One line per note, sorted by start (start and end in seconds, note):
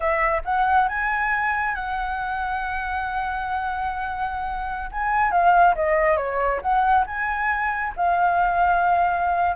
0.00 0.41 E5
0.44 0.88 F#5
0.88 1.74 G#5
1.74 4.90 F#5
4.91 5.31 G#5
5.31 5.74 F5
5.75 6.16 D#5
6.16 6.60 C#5
6.61 7.05 F#5
7.06 7.93 G#5
7.96 9.56 F5